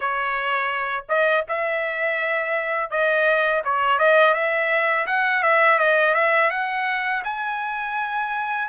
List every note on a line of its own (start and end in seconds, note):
0.00 1.04 C#5
1.08 1.45 D#5
1.48 2.90 E5
2.90 3.62 D#5
3.64 3.99 C#5
3.99 4.33 D#5
4.33 5.06 E5
5.06 5.42 F#5
5.42 5.78 E5
5.78 6.14 D#5
6.14 6.50 E5
6.50 7.22 F#5
7.24 8.68 G#5